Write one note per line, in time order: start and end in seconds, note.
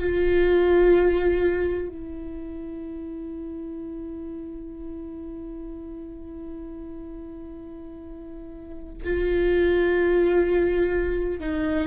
0.00 1.89 F4
1.89 9.03 E4
9.04 11.41 F4
11.41 11.88 D#4